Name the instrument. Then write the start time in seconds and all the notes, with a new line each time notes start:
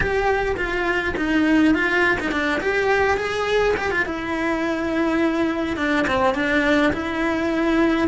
cello
0.00 G4
0.56 F4
1.16 D#4
1.74 F4
2.19 D#4
2.31 D4
2.60 G4
3.17 G#4
3.77 G4
3.91 F4
4.05 E4
5.77 D4
6.07 C4
6.34 D4
6.93 E4